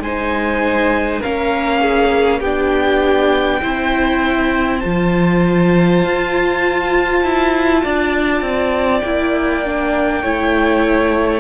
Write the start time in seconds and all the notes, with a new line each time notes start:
0.00 G#3 D#4 C5 G#5
1.20 A#3 C#4 A#4 F5
1.81 G#4
2.40 B3 D4 G4 G5
3.62 C4 E4 C5
4.79 F3 F4 A5
6.04 F4
7.23 E4
7.82 D4 D5
8.41 C4
9.01 A#3 E4 G5
9.65 D4
10.22 A3 E4 C#5